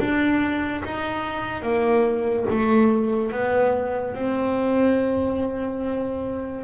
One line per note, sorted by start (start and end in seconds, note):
0.00 0.83 D4
0.85 1.62 D#4
1.62 2.46 A#3
2.50 3.32 A3
3.32 4.15 B3
4.15 6.64 C4